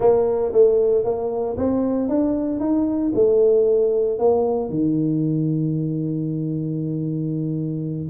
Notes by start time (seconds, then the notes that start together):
0.00 A#3
0.52 A3
1.04 A#3
1.57 C4
2.09 D4
2.60 D#4
3.14 A3
4.18 A#3
4.69 D#3